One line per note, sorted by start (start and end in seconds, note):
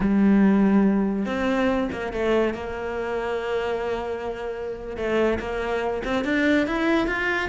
0.00 1.25 G3
1.25 1.89 C4
1.91 2.12 A#3
2.12 2.54 A3
2.54 4.96 A#3
4.96 5.39 A3
5.39 6.02 A#3
6.04 6.24 C4
6.24 6.66 D4
6.66 7.07 E4
7.07 7.49 F4